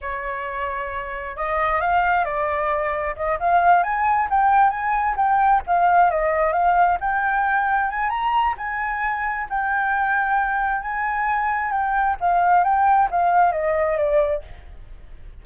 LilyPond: \new Staff \with { instrumentName = "flute" } { \time 4/4 \tempo 4 = 133 cis''2. dis''4 | f''4 d''2 dis''8 f''8~ | f''8 gis''4 g''4 gis''4 g''8~ | g''8 f''4 dis''4 f''4 g''8~ |
g''4. gis''8 ais''4 gis''4~ | gis''4 g''2. | gis''2 g''4 f''4 | g''4 f''4 dis''4 d''4 | }